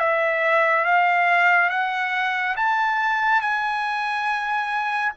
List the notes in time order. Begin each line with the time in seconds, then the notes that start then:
0.00 E5
0.85 F5
1.70 F#5
2.57 A5
3.42 G#5